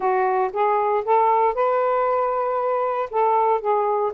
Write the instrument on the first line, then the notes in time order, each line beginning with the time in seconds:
saxophone
0.00 F#4
0.52 G#4
1.04 A4
1.54 B4
3.10 A4
3.60 G#4